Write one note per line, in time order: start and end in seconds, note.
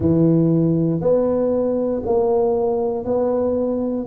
0.00 1.00 E3
1.00 2.02 B3
2.05 3.04 A#3
3.04 4.06 B3